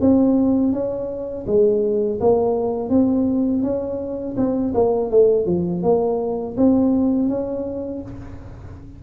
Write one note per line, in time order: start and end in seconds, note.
0.00 0.72 C4
0.72 1.45 C#4
1.46 2.19 G#3
2.20 2.89 A#3
2.89 3.62 C4
3.63 4.36 C#4
4.37 4.73 C4
4.74 5.10 A#3
5.10 5.45 A3
5.45 5.82 F3
5.82 6.56 A#3
6.57 7.28 C4
7.28 8.01 C#4